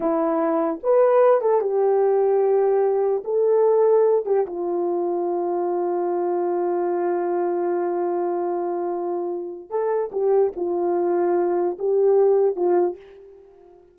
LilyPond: \new Staff \with { instrumentName = "horn" } { \time 4/4 \tempo 4 = 148 e'2 b'4. a'8 | g'1 | a'2~ a'8 g'8 f'4~ | f'1~ |
f'1~ | f'1 | a'4 g'4 f'2~ | f'4 g'2 f'4 | }